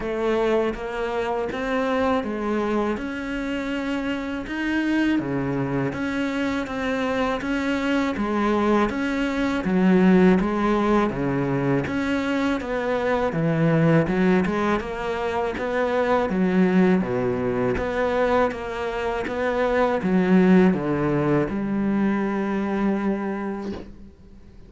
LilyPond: \new Staff \with { instrumentName = "cello" } { \time 4/4 \tempo 4 = 81 a4 ais4 c'4 gis4 | cis'2 dis'4 cis4 | cis'4 c'4 cis'4 gis4 | cis'4 fis4 gis4 cis4 |
cis'4 b4 e4 fis8 gis8 | ais4 b4 fis4 b,4 | b4 ais4 b4 fis4 | d4 g2. | }